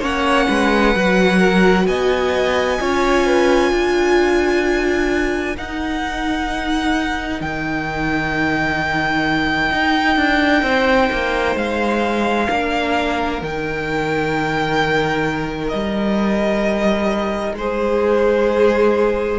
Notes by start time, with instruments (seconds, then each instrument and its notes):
0.00 cello A#3, viola C#4, violin C#5 F#5
0.48 cello G#3, violin B4
0.95 cello F#3, viola F#4
1.38 violin A#4
1.87 cello B3, violin D#5 G#5
2.80 cello C#4, viola F4, violin C#5
3.26 violin B4
3.71 cello D4, violin A#4
5.57 cello D#4, viola D#4, violin F#5
7.41 cello D#3, violin G5
9.72 cello D#4
10.17 cello D4
10.63 cello C4, violin C5
11.13 cello A#3
11.56 cello G#3, violin F5
12.49 cello A#3, viola D4, violin A#4
13.40 cello D#3, viola D#4, violin G5
15.69 cello G3, violin D#5
17.54 cello G#3, violin G#4 C5